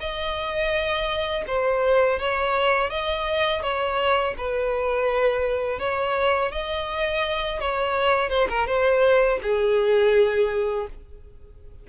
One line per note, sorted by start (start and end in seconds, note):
0.00 1.45 D#5
1.48 2.20 C5
2.20 2.90 C#5
2.90 3.63 D#5
3.63 4.35 C#5
4.38 5.80 B4
5.80 6.52 C#5
6.52 7.60 D#5
7.60 8.30 C#5
8.30 8.48 C5
8.49 8.67 A#4
8.67 9.39 C5
9.43 10.88 G#4